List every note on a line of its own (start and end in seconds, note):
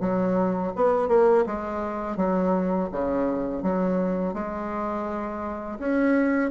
0.00 0.72 F#3
0.76 1.08 B3
1.08 1.45 A#3
1.46 2.17 G#3
2.17 2.89 F#3
2.92 3.62 C#3
3.62 4.34 F#3
4.34 5.78 G#3
5.79 6.51 C#4